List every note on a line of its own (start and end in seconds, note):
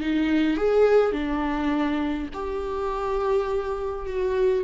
0.00 0.57 D#4
0.57 1.12 G#4
1.12 2.29 D4
2.33 4.06 G4
4.06 4.64 F#4